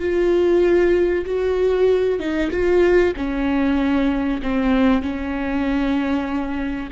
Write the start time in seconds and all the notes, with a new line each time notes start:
0.00 F4
1.26 F#4
2.19 D#4
2.51 F4
3.16 C#4
4.42 C4
5.02 C#4